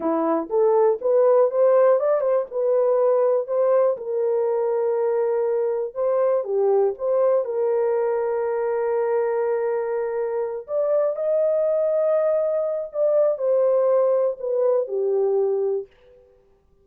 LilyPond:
\new Staff \with { instrumentName = "horn" } { \time 4/4 \tempo 4 = 121 e'4 a'4 b'4 c''4 | d''8 c''8 b'2 c''4 | ais'1 | c''4 g'4 c''4 ais'4~ |
ais'1~ | ais'4. d''4 dis''4.~ | dis''2 d''4 c''4~ | c''4 b'4 g'2 | }